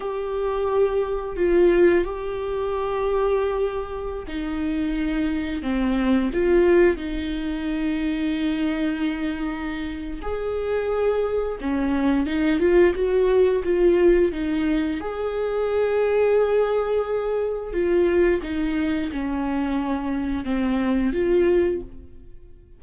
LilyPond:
\new Staff \with { instrumentName = "viola" } { \time 4/4 \tempo 4 = 88 g'2 f'4 g'4~ | g'2~ g'16 dis'4.~ dis'16~ | dis'16 c'4 f'4 dis'4.~ dis'16~ | dis'2. gis'4~ |
gis'4 cis'4 dis'8 f'8 fis'4 | f'4 dis'4 gis'2~ | gis'2 f'4 dis'4 | cis'2 c'4 f'4 | }